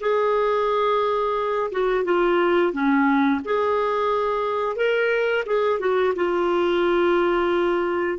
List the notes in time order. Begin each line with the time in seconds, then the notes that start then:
0.00 G#4
1.71 F#4
2.04 F4
2.72 C#4
3.44 G#4
4.76 A#4
5.45 G#4
5.79 F#4
6.15 F4